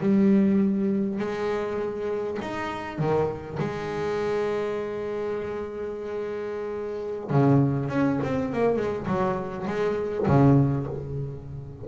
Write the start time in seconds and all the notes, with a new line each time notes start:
0.00 G3
1.19 G#3
2.41 D#4
2.98 D#3
3.59 G#3
7.30 C#3
7.89 C#4
8.23 C4
8.52 A#3
8.77 G#3
9.06 F#3
9.67 G#3
10.27 C#3